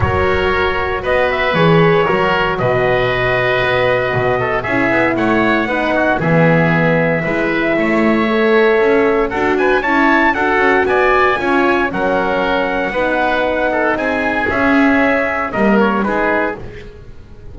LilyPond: <<
  \new Staff \with { instrumentName = "trumpet" } { \time 4/4 \tempo 4 = 116 cis''2 dis''8 e''8 cis''4~ | cis''4 dis''2.~ | dis''4 e''4 fis''2 | e''1~ |
e''2 fis''8 gis''8 a''4 | fis''4 gis''2 fis''4~ | fis''2. gis''4 | e''2 dis''8 cis''8 b'4 | }
  \new Staff \with { instrumentName = "oboe" } { \time 4/4 ais'2 b'2 | ais'4 b'2.~ | b'8 a'8 gis'4 cis''4 b'8 fis'8 | gis'2 b'4 cis''4~ |
cis''2 a'8 b'8 cis''4 | a'4 d''4 cis''4 ais'4~ | ais'4 b'4. a'8 gis'4~ | gis'2 ais'4 gis'4 | }
  \new Staff \with { instrumentName = "horn" } { \time 4/4 fis'2. gis'4 | fis'1~ | fis'4 e'2 dis'4 | b2 e'2 |
a'2 fis'4 e'4 | fis'2 f'4 cis'4~ | cis'4 dis'2. | cis'2 ais4 dis'4 | }
  \new Staff \with { instrumentName = "double bass" } { \time 4/4 fis2 b4 e4 | fis4 b,2 b4 | b,4 cis'8 b8 a4 b4 | e2 gis4 a4~ |
a4 cis'4 d'4 cis'4 | d'8 cis'8 b4 cis'4 fis4~ | fis4 b2 c'4 | cis'2 g4 gis4 | }
>>